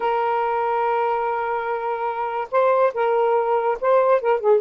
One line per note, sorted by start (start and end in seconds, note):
0.00 2.48 A#4
2.51 2.93 C5
2.94 3.78 A#4
3.80 4.21 C5
4.21 4.39 A#4
4.39 4.60 G#4